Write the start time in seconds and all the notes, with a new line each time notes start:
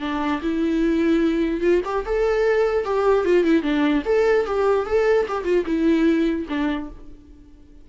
0.00 D4
0.42 E4
1.61 F4
1.84 G4
2.05 A4
2.84 G4
3.24 F4
3.44 E4
3.62 D4
4.05 A4
4.45 G4
4.86 A4
5.28 G4
5.44 F4
5.65 E4
6.49 D4